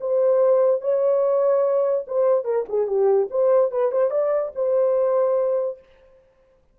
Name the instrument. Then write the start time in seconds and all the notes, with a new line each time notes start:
horn
0.00 C5
0.81 C#5
2.07 C5
2.44 A#4
2.68 G#4
2.87 G4
3.30 C5
3.71 B4
3.91 C5
4.10 D5
4.55 C5